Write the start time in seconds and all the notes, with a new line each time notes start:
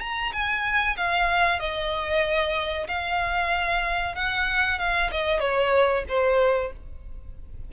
0.00 A#5
0.32 G#5
0.97 F5
1.60 D#5
2.88 F5
4.15 F#5
4.78 F5
5.11 D#5
5.40 C#5
6.08 C5